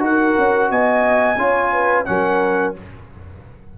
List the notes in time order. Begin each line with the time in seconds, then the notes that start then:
0.00 D#4 F#4 A#4 F#5
0.38 C#4
0.71 B3 D#5 G#5
1.38 C#4 F4 C#5
1.73 B4
2.06 F#3 C#4 A#4 F#5